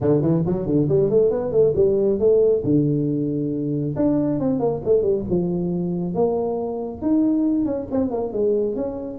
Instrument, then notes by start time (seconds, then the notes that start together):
tuba
0.00 D3
0.21 E3
0.45 F#3
0.65 D3
0.88 G3
1.09 A3
1.30 B3
1.51 A3
1.75 G3
2.19 A3
2.64 D3
3.95 D4
4.39 C4
4.59 A#3
4.84 A3
5.02 G3
5.29 F3
6.14 A#3
7.01 D#4
7.65 C#4
7.91 C4
8.10 A#3
8.32 G#3
8.75 C#4